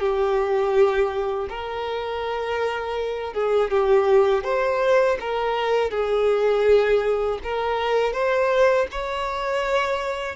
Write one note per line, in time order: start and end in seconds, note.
0.00 1.48 G4
1.49 3.34 A#4
3.34 3.71 G#4
3.71 4.44 G4
4.44 5.18 C5
5.21 5.91 A#4
5.91 7.39 G#4
7.43 8.13 A#4
8.13 8.87 C5
8.92 10.36 C#5